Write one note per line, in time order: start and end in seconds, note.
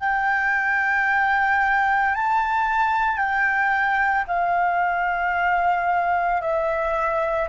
0.00 2.14 G5
2.14 3.17 A5
3.17 4.24 G5
4.27 6.41 F5
6.41 7.48 E5